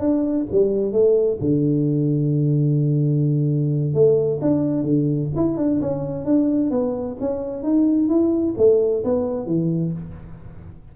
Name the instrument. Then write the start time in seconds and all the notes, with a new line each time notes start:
tuba
0.00 D4
0.52 G3
0.92 A3
1.41 D3
3.94 A3
4.42 D4
4.83 D3
5.36 E4
5.57 D4
5.81 C#4
6.25 D4
6.71 B3
7.21 C#4
7.63 D#4
8.09 E4
8.58 A3
9.04 B3
9.46 E3